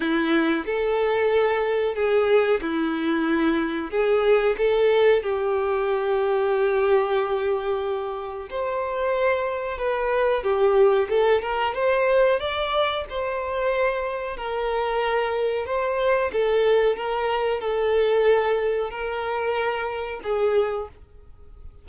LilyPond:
\new Staff \with { instrumentName = "violin" } { \time 4/4 \tempo 4 = 92 e'4 a'2 gis'4 | e'2 gis'4 a'4 | g'1~ | g'4 c''2 b'4 |
g'4 a'8 ais'8 c''4 d''4 | c''2 ais'2 | c''4 a'4 ais'4 a'4~ | a'4 ais'2 gis'4 | }